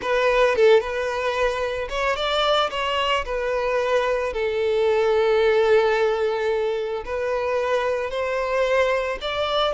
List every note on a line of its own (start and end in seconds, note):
0.01 0.55 B4
0.55 0.80 A4
0.80 1.88 B4
1.89 2.15 C#5
2.15 2.70 D5
2.70 3.24 C#5
3.25 4.33 B4
4.33 7.03 A4
7.05 8.10 B4
8.10 9.18 C5
9.21 9.73 D5